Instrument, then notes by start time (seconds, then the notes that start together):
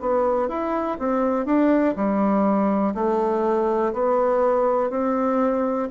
bassoon
0.00 B3
0.48 E4
0.99 C4
1.45 D4
1.95 G3
2.94 A3
3.93 B3
4.90 C4